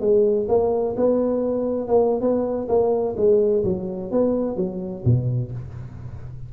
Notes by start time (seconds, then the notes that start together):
0.00 G#3
0.48 A#3
0.96 B3
1.87 A#3
2.20 B3
2.68 A#3
3.16 G#3
3.64 F#3
4.11 B3
4.56 F#3
5.05 B2